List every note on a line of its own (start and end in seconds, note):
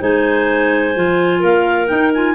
0.00 0.96 G#3
0.00 0.95 D#4
0.00 1.39 C5
0.00 1.44 G#5
0.95 1.44 F3
0.95 1.88 F4
1.39 1.91 A#3
1.39 2.34 A#4
1.39 1.88 F5
1.88 2.12 D#4
1.88 2.35 D#4
1.88 2.11 G5
2.14 2.35 F4
2.14 2.35 G#5